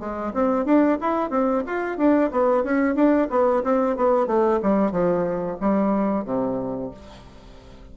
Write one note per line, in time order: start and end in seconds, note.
0.00 0.33 G#3
0.34 0.66 C4
0.66 0.99 D4
1.01 1.30 E4
1.30 1.63 C4
1.67 1.98 F4
1.98 2.31 D4
2.31 2.64 B3
2.64 2.95 C#4
2.95 3.28 D4
3.30 3.63 B3
3.64 3.97 C4
3.97 4.27 B3
4.27 4.60 A3
4.63 4.92 G3
4.92 5.58 F3
5.61 6.25 G3
6.25 6.91 C3